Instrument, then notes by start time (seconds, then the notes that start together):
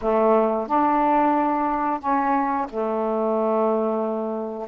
saxophone
0.01 A3
0.67 D4
2.00 C#4
2.69 A3